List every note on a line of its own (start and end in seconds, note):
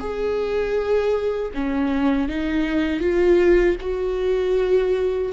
0.00 1.52 G#4
1.55 2.29 C#4
2.29 3.01 D#4
3.01 3.77 F4
3.81 5.33 F#4